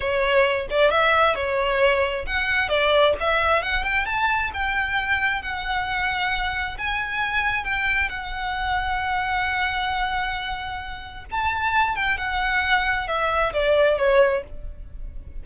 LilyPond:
\new Staff \with { instrumentName = "violin" } { \time 4/4 \tempo 4 = 133 cis''4. d''8 e''4 cis''4~ | cis''4 fis''4 d''4 e''4 | fis''8 g''8 a''4 g''2 | fis''2. gis''4~ |
gis''4 g''4 fis''2~ | fis''1~ | fis''4 a''4. g''8 fis''4~ | fis''4 e''4 d''4 cis''4 | }